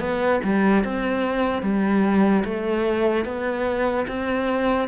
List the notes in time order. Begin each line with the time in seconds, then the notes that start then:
0.00 B3
0.43 G3
0.84 C4
1.63 G3
2.45 A3
3.25 B3
4.08 C4